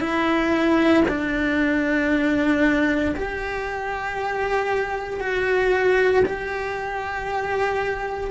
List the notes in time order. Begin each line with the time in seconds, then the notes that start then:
0.00 E4
1.08 D4
3.16 G4
5.20 F#4
6.25 G4